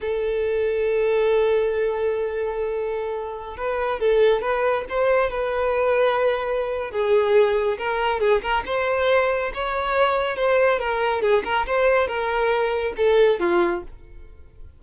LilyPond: \new Staff \with { instrumentName = "violin" } { \time 4/4 \tempo 4 = 139 a'1~ | a'1~ | a'16 b'4 a'4 b'4 c''8.~ | c''16 b'2.~ b'8. |
gis'2 ais'4 gis'8 ais'8 | c''2 cis''2 | c''4 ais'4 gis'8 ais'8 c''4 | ais'2 a'4 f'4 | }